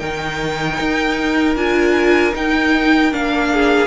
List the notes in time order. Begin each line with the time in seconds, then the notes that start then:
0.00 D#3 D#4 A#4 G5
0.81 D#4
1.56 D4 F4 G#5
2.33 D#4 G5
3.12 A#3 D4 F5
3.53 G#4